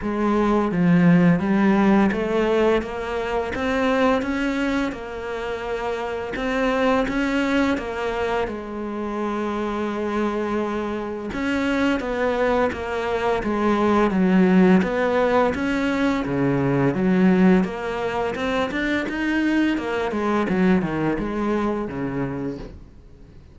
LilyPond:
\new Staff \with { instrumentName = "cello" } { \time 4/4 \tempo 4 = 85 gis4 f4 g4 a4 | ais4 c'4 cis'4 ais4~ | ais4 c'4 cis'4 ais4 | gis1 |
cis'4 b4 ais4 gis4 | fis4 b4 cis'4 cis4 | fis4 ais4 c'8 d'8 dis'4 | ais8 gis8 fis8 dis8 gis4 cis4 | }